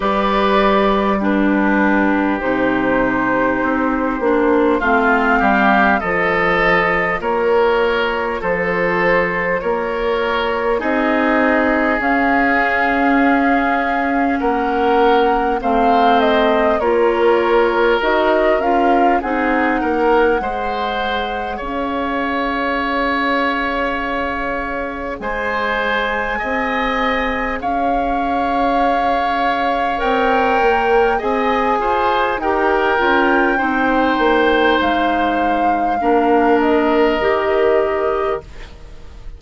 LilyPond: <<
  \new Staff \with { instrumentName = "flute" } { \time 4/4 \tempo 4 = 50 d''4 b'4 c''2 | f''4 dis''4 cis''4 c''4 | cis''4 dis''4 f''2 | fis''4 f''8 dis''8 cis''4 dis''8 f''8 |
fis''2 f''2~ | f''4 gis''2 f''4~ | f''4 g''4 gis''4 g''4~ | g''4 f''4. dis''4. | }
  \new Staff \with { instrumentName = "oboe" } { \time 4/4 b'4 g'2. | f'8 g'8 a'4 ais'4 a'4 | ais'4 gis'2. | ais'4 c''4 ais'2 |
gis'8 ais'8 c''4 cis''2~ | cis''4 c''4 dis''4 cis''4~ | cis''2 dis''8 c''8 ais'4 | c''2 ais'2 | }
  \new Staff \with { instrumentName = "clarinet" } { \time 4/4 g'4 d'4 dis'4. d'8 | c'4 f'2.~ | f'4 dis'4 cis'2~ | cis'4 c'4 f'4 fis'8 f'8 |
dis'4 gis'2.~ | gis'1~ | gis'4 ais'4 gis'4 g'8 f'8 | dis'2 d'4 g'4 | }
  \new Staff \with { instrumentName = "bassoon" } { \time 4/4 g2 c4 c'8 ais8 | a8 g8 f4 ais4 f4 | ais4 c'4 cis'2 | ais4 a4 ais4 dis'8 cis'8 |
c'8 ais8 gis4 cis'2~ | cis'4 gis4 c'4 cis'4~ | cis'4 c'8 ais8 c'8 f'8 dis'8 cis'8 | c'8 ais8 gis4 ais4 dis4 | }
>>